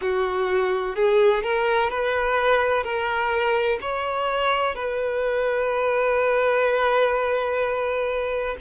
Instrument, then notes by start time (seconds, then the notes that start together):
violin
0.01 F#4
0.95 G#4
1.43 A#4
1.90 B4
2.83 A#4
3.81 C#5
4.75 B4